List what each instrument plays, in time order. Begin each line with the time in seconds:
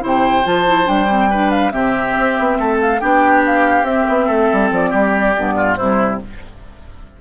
0.00 bassoon C3, clarinet E4, oboe C5
0.07 flute G5
0.44 bassoon F3, clarinet F4, flute A5
0.66 clarinet E4
0.85 bassoon G3, clarinet D4, flute G5
1.09 clarinet C4
1.30 clarinet D4, oboe B4
1.50 flute F5
1.71 bassoon C3, clarinet C4, oboe G4, flute E5
2.18 bassoon C4
2.39 bassoon B3
2.59 bassoon A3, oboe A4
2.81 flute F5
3.00 bassoon B3, clarinet D4, oboe G4, flute G5
3.46 flute F5
3.83 bassoon C4, clarinet C4, flute E5
4.09 bassoon B3
4.26 bassoon A3, oboe A4
4.52 bassoon G3
4.71 bassoon F3, flute D5
4.90 bassoon G3, oboe G4
5.37 bassoon G2, clarinet B3
5.56 oboe F4
5.76 bassoon C3, clarinet G3, oboe E4, flute C5